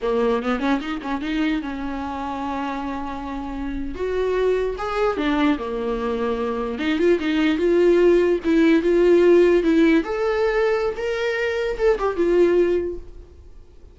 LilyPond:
\new Staff \with { instrumentName = "viola" } { \time 4/4 \tempo 4 = 148 ais4 b8 cis'8 dis'8 cis'8 dis'4 | cis'1~ | cis'4.~ cis'16 fis'2 gis'16~ | gis'8. d'4 ais2~ ais16~ |
ais8. dis'8 f'8 dis'4 f'4~ f'16~ | f'8. e'4 f'2 e'16~ | e'8. a'2~ a'16 ais'4~ | ais'4 a'8 g'8 f'2 | }